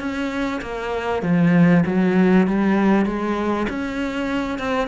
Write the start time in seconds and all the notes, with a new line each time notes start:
0.00 C#4
0.62 A#3
1.23 F3
1.86 F#3
2.47 G3
3.06 G#3
3.69 C#4
4.59 C4